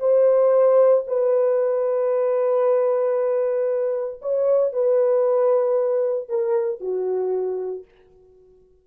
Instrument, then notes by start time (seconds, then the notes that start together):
horn
0.00 C5
1.08 B4
4.22 C#5
4.73 B4
6.29 A#4
6.81 F#4